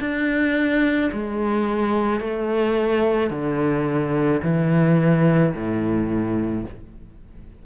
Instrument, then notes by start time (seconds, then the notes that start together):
cello
0.00 D4
1.13 G#3
2.20 A3
3.30 D3
4.43 E3
5.54 A2